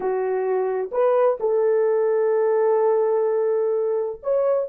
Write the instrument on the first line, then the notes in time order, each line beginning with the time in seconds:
horn
0.00 F#4
0.91 B4
1.40 A4
4.23 C#5